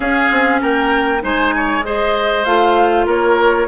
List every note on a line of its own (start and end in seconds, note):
0.00 0.29 C#4
0.00 1.19 C#4
0.00 0.61 G#4
0.00 0.61 F5
0.30 0.61 C4
0.61 1.23 A#3
0.61 1.22 A#4
0.61 1.23 G5
1.21 2.45 G#3
1.21 1.82 D#4
1.21 1.54 C5
1.21 1.85 G#5
1.55 1.85 C#5
1.82 2.43 G#4
1.82 3.06 C5
1.82 2.44 D#5
2.44 3.06 A3
2.44 3.67 F4
2.44 3.05 F5
3.06 3.67 A#3
3.06 3.67 A#4
3.06 3.67 C#5